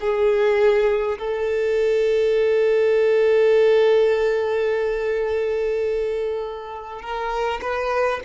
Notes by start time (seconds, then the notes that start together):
0.00 G#4
1.18 A4
7.02 A#4
7.61 B4